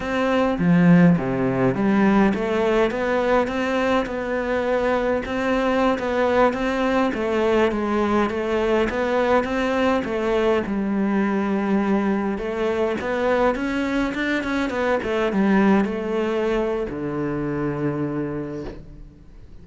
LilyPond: \new Staff \with { instrumentName = "cello" } { \time 4/4 \tempo 4 = 103 c'4 f4 c4 g4 | a4 b4 c'4 b4~ | b4 c'4~ c'16 b4 c'8.~ | c'16 a4 gis4 a4 b8.~ |
b16 c'4 a4 g4.~ g16~ | g4~ g16 a4 b4 cis'8.~ | cis'16 d'8 cis'8 b8 a8 g4 a8.~ | a4 d2. | }